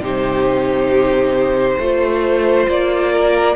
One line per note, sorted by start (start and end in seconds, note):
0.00 1.76 C3
0.00 1.78 D#4
0.00 1.78 G4
0.00 2.69 C5
1.78 2.67 A3
1.78 3.55 F4
1.78 3.11 C5
2.67 3.55 A#3
2.67 3.55 D5
3.11 3.55 A#4